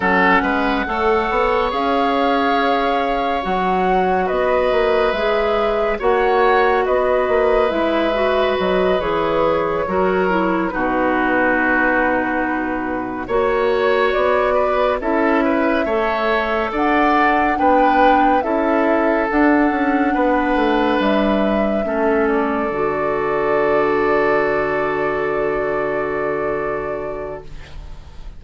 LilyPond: <<
  \new Staff \with { instrumentName = "flute" } { \time 4/4 \tempo 4 = 70 fis''2 f''2 | fis''4 dis''4 e''4 fis''4 | dis''4 e''4 dis''8 cis''4.~ | cis''8 b'2. cis''8~ |
cis''8 d''4 e''2 fis''8~ | fis''8 g''4 e''4 fis''4.~ | fis''8 e''4. d''2~ | d''1 | }
  \new Staff \with { instrumentName = "oboe" } { \time 4/4 a'8 b'8 cis''2.~ | cis''4 b'2 cis''4 | b'2.~ b'8 ais'8~ | ais'8 fis'2. cis''8~ |
cis''4 b'8 a'8 b'8 cis''4 d''8~ | d''8 b'4 a'2 b'8~ | b'4. a'2~ a'8~ | a'1 | }
  \new Staff \with { instrumentName = "clarinet" } { \time 4/4 cis'4 a'4 gis'2 | fis'2 gis'4 fis'4~ | fis'4 e'8 fis'4 gis'4 fis'8 | e'8 dis'2. fis'8~ |
fis'4. e'4 a'4.~ | a'8 d'4 e'4 d'4.~ | d'4. cis'4 fis'4.~ | fis'1 | }
  \new Staff \with { instrumentName = "bassoon" } { \time 4/4 fis8 gis8 a8 b8 cis'2 | fis4 b8 ais8 gis4 ais4 | b8 ais8 gis4 fis8 e4 fis8~ | fis8 b,2. ais8~ |
ais8 b4 cis'4 a4 d'8~ | d'8 b4 cis'4 d'8 cis'8 b8 | a8 g4 a4 d4.~ | d1 | }
>>